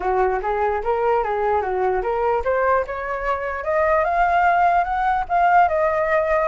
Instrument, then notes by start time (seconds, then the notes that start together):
flute
0.00 F#4
0.42 G#4
0.83 A#4
1.23 G#4
1.61 F#4
2.02 A#4
2.44 C5
2.86 C#5
3.64 D#5
4.04 F5
4.84 F#5
5.29 F5
5.68 D#5